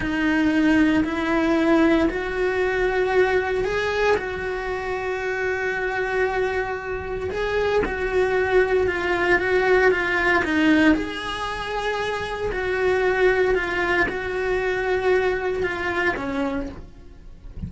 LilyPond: \new Staff \with { instrumentName = "cello" } { \time 4/4 \tempo 4 = 115 dis'2 e'2 | fis'2. gis'4 | fis'1~ | fis'2 gis'4 fis'4~ |
fis'4 f'4 fis'4 f'4 | dis'4 gis'2. | fis'2 f'4 fis'4~ | fis'2 f'4 cis'4 | }